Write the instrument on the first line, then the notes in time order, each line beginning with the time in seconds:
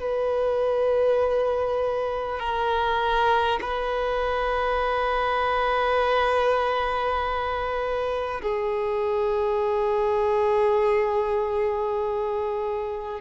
violin
0.00 B4
2.39 A#4
3.62 B4
8.42 G#4